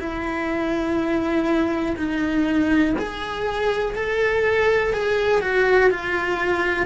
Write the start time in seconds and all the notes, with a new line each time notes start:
0.00 E4
1.97 D#4
2.99 G#4
3.96 A4
4.94 G#4
5.41 F#4
5.91 F4